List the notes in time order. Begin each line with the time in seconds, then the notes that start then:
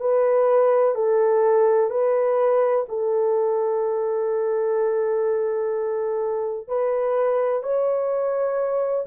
0.00 B4
0.95 A4
1.90 B4
2.88 A4
6.68 B4
7.62 C#5